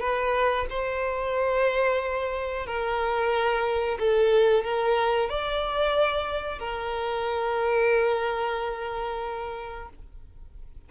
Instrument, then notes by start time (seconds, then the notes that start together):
violin
0.00 B4
0.70 C5
2.66 A#4
3.99 A4
4.64 A#4
5.29 D5
6.59 A#4